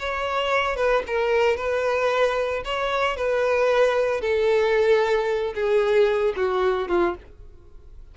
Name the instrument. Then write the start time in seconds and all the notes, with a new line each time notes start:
violin
0.00 C#5
0.76 B4
1.07 A#4
1.57 B4
2.65 C#5
3.17 B4
4.21 A4
5.55 G#4
6.37 F#4
6.89 F4